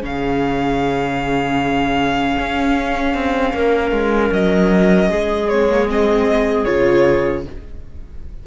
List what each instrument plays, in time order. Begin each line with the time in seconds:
0.00 cello C#3, viola C#4, clarinet G#4, violin F5
2.38 cello C#4
3.14 cello C4
3.53 cello A#3, clarinet A#4
3.92 cello G#3
4.32 cello F#3, violin D#5
5.09 cello G#3, clarinet G#4
5.49 viola C4, violin C#5
5.69 viola A#3
5.88 viola C4, violin D#5
6.65 cello C#3, viola F4, violin C#5